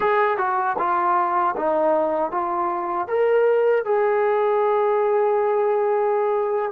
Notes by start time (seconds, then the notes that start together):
0.00 G#4
0.37 F#4
0.78 F4
1.56 D#4
2.31 F4
3.07 A#4
3.85 G#4